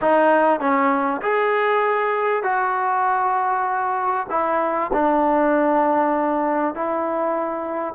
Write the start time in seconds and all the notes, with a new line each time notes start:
0.01 D#4
0.60 C#4
1.21 G#4
2.43 F#4
4.30 E4
4.93 D4
6.75 E4